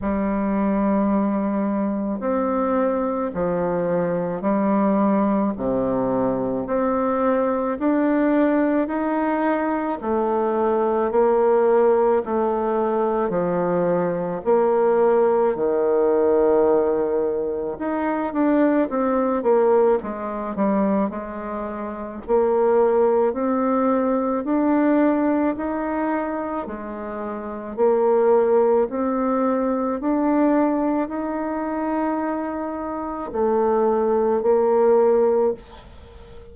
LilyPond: \new Staff \with { instrumentName = "bassoon" } { \time 4/4 \tempo 4 = 54 g2 c'4 f4 | g4 c4 c'4 d'4 | dis'4 a4 ais4 a4 | f4 ais4 dis2 |
dis'8 d'8 c'8 ais8 gis8 g8 gis4 | ais4 c'4 d'4 dis'4 | gis4 ais4 c'4 d'4 | dis'2 a4 ais4 | }